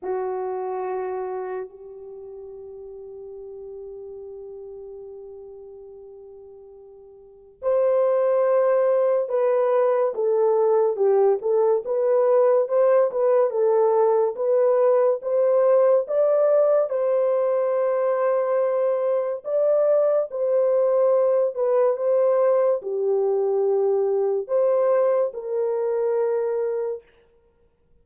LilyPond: \new Staff \with { instrumentName = "horn" } { \time 4/4 \tempo 4 = 71 fis'2 g'2~ | g'1~ | g'4 c''2 b'4 | a'4 g'8 a'8 b'4 c''8 b'8 |
a'4 b'4 c''4 d''4 | c''2. d''4 | c''4. b'8 c''4 g'4~ | g'4 c''4 ais'2 | }